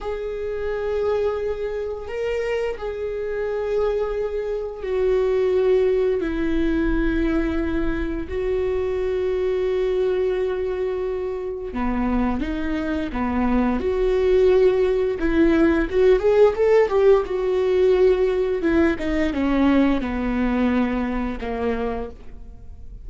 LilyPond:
\new Staff \with { instrumentName = "viola" } { \time 4/4 \tempo 4 = 87 gis'2. ais'4 | gis'2. fis'4~ | fis'4 e'2. | fis'1~ |
fis'4 b4 dis'4 b4 | fis'2 e'4 fis'8 gis'8 | a'8 g'8 fis'2 e'8 dis'8 | cis'4 b2 ais4 | }